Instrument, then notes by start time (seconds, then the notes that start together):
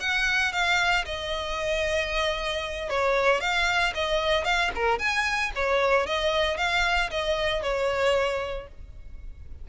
violin
0.00 F#5
0.52 F5
1.06 D#5
2.89 C#5
3.40 F5
3.94 D#5
4.44 F5
4.75 A#4
4.99 G#5
5.55 C#5
6.06 D#5
6.57 F5
7.11 D#5
7.63 C#5